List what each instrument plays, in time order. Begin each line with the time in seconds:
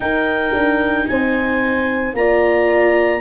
0.00 viola D#4, tuba D#4, horn A#4, clarinet G5
0.53 tuba D4
1.07 tuba C4, horn C5, clarinet G#5
2.13 tuba A#3, viola F4, horn D5, clarinet A#5